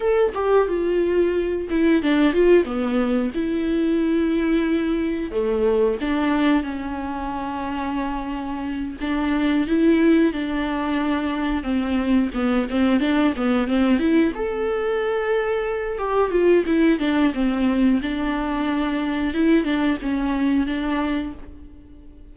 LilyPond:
\new Staff \with { instrumentName = "viola" } { \time 4/4 \tempo 4 = 90 a'8 g'8 f'4. e'8 d'8 f'8 | b4 e'2. | a4 d'4 cis'2~ | cis'4. d'4 e'4 d'8~ |
d'4. c'4 b8 c'8 d'8 | b8 c'8 e'8 a'2~ a'8 | g'8 f'8 e'8 d'8 c'4 d'4~ | d'4 e'8 d'8 cis'4 d'4 | }